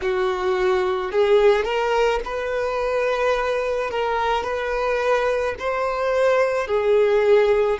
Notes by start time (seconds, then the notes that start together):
0.01 F#4
1.11 G#4
1.64 A#4
2.24 B4
3.90 A#4
4.43 B4
5.59 C5
6.67 G#4